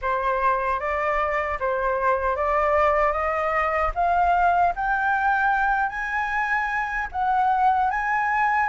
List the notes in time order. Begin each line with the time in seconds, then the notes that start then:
0.01 C5
0.79 D5
1.59 C5
2.36 D5
3.12 D#5
3.94 F5
4.75 G5
5.89 G#5
7.12 F#5
7.90 G#5